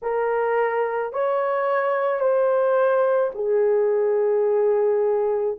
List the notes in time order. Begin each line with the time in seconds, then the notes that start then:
0.02 A#4
1.12 C#5
2.19 C5
3.34 G#4